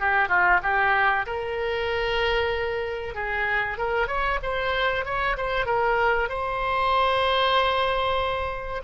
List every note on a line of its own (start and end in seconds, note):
0.00 0.29 G4
0.29 0.60 F4
0.63 1.26 G4
1.27 3.15 A#4
3.15 3.78 G#4
3.78 4.08 A#4
4.08 4.39 C#5
4.43 5.05 C5
5.05 5.37 C#5
5.37 5.66 C5
5.66 6.29 A#4
6.29 8.82 C5